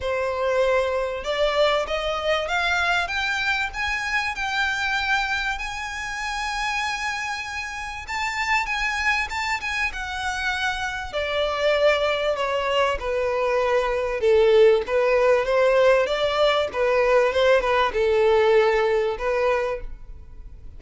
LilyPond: \new Staff \with { instrumentName = "violin" } { \time 4/4 \tempo 4 = 97 c''2 d''4 dis''4 | f''4 g''4 gis''4 g''4~ | g''4 gis''2.~ | gis''4 a''4 gis''4 a''8 gis''8 |
fis''2 d''2 | cis''4 b'2 a'4 | b'4 c''4 d''4 b'4 | c''8 b'8 a'2 b'4 | }